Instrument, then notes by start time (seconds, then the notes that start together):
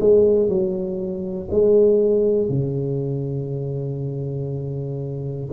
tuba
0.00 G#3
0.49 F#3
1.50 G#3
2.49 C#3